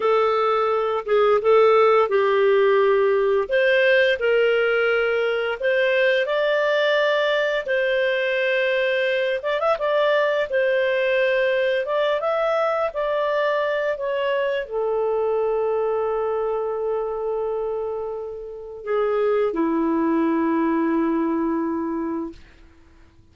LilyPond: \new Staff \with { instrumentName = "clarinet" } { \time 4/4 \tempo 4 = 86 a'4. gis'8 a'4 g'4~ | g'4 c''4 ais'2 | c''4 d''2 c''4~ | c''4. d''16 e''16 d''4 c''4~ |
c''4 d''8 e''4 d''4. | cis''4 a'2.~ | a'2. gis'4 | e'1 | }